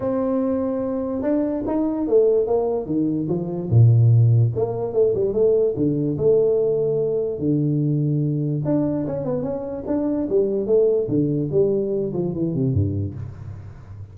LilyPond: \new Staff \with { instrumentName = "tuba" } { \time 4/4 \tempo 4 = 146 c'2. d'4 | dis'4 a4 ais4 dis4 | f4 ais,2 ais4 | a8 g8 a4 d4 a4~ |
a2 d2~ | d4 d'4 cis'8 b8 cis'4 | d'4 g4 a4 d4 | g4. f8 e8 c8 g,4 | }